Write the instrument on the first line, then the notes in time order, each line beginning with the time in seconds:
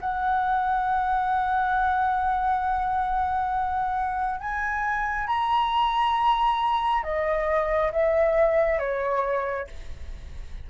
flute
0.00 F#5
4.40 G#5
5.27 A#5
7.03 D#5
7.92 E5
8.79 C#5